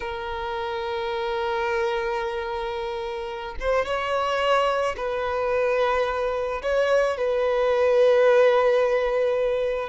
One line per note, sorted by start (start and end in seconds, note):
0.00 3.55 A#4
3.60 3.85 C5
3.85 4.95 C#5
4.96 6.62 B4
6.62 7.17 C#5
7.17 9.89 B4